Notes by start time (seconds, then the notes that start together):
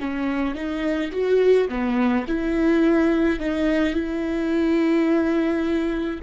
0.00 C#4
0.55 D#4
1.12 F#4
1.69 B3
2.27 E4
3.40 D#4
3.94 E4